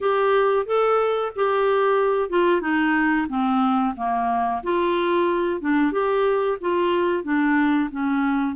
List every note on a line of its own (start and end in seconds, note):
0.00 0.66 G4
0.66 1.32 A4
1.35 2.29 G4
2.29 2.61 F4
2.61 3.27 D#4
3.28 3.94 C4
3.96 4.62 A#3
4.63 5.60 F4
5.60 5.92 D4
5.92 6.58 G4
6.60 7.23 F4
7.23 7.89 D4
7.90 8.55 C#4